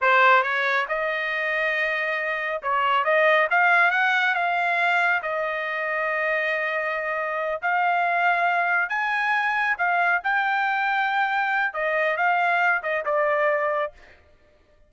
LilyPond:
\new Staff \with { instrumentName = "trumpet" } { \time 4/4 \tempo 4 = 138 c''4 cis''4 dis''2~ | dis''2 cis''4 dis''4 | f''4 fis''4 f''2 | dis''1~ |
dis''4. f''2~ f''8~ | f''8 gis''2 f''4 g''8~ | g''2. dis''4 | f''4. dis''8 d''2 | }